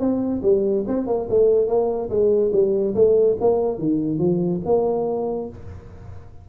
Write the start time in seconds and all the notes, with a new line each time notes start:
0.00 C4
0.43 G3
0.88 C4
1.07 A#3
1.30 A3
1.68 A#3
2.10 G#3
2.53 G3
2.95 A3
3.41 A#3
3.79 D#3
4.19 F3
4.66 A#3